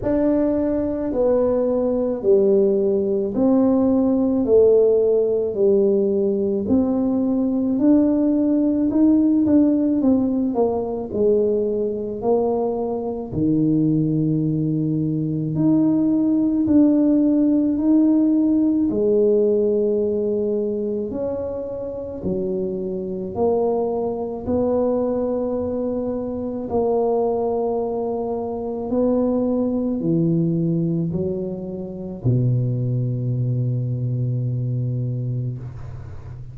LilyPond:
\new Staff \with { instrumentName = "tuba" } { \time 4/4 \tempo 4 = 54 d'4 b4 g4 c'4 | a4 g4 c'4 d'4 | dis'8 d'8 c'8 ais8 gis4 ais4 | dis2 dis'4 d'4 |
dis'4 gis2 cis'4 | fis4 ais4 b2 | ais2 b4 e4 | fis4 b,2. | }